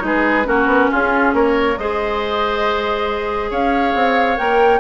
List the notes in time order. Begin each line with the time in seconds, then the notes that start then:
0.00 G#3 D#4 B4
0.06 G#4
0.45 A#3 C#4 F#4 A#4
0.66 B3
0.91 C#4 F4 G#4
1.34 A#3 A#4 C#5
1.78 G#3 G#4 C5 D#5
3.51 C#4 C#5 F5
3.94 C4
4.37 A#3 A#4 G5